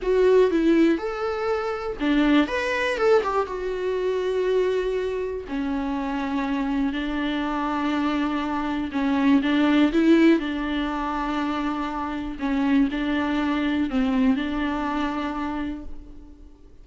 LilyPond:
\new Staff \with { instrumentName = "viola" } { \time 4/4 \tempo 4 = 121 fis'4 e'4 a'2 | d'4 b'4 a'8 g'8 fis'4~ | fis'2. cis'4~ | cis'2 d'2~ |
d'2 cis'4 d'4 | e'4 d'2.~ | d'4 cis'4 d'2 | c'4 d'2. | }